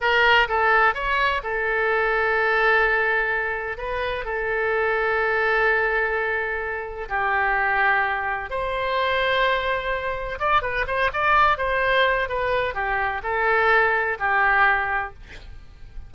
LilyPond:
\new Staff \with { instrumentName = "oboe" } { \time 4/4 \tempo 4 = 127 ais'4 a'4 cis''4 a'4~ | a'1 | b'4 a'2.~ | a'2. g'4~ |
g'2 c''2~ | c''2 d''8 b'8 c''8 d''8~ | d''8 c''4. b'4 g'4 | a'2 g'2 | }